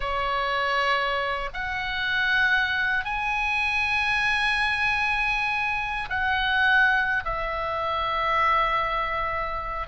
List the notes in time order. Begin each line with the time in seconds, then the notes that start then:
0.00 C#5
1.53 F#5
3.04 G#5
6.09 F#5
7.24 E5